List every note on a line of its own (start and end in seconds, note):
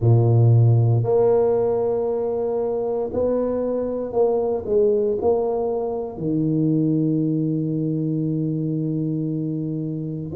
0.00 1.03 A#2
1.03 3.10 A#3
3.12 4.12 B3
4.12 4.64 A#3
4.66 5.17 G#3
5.21 6.17 A#3
6.17 10.31 D#3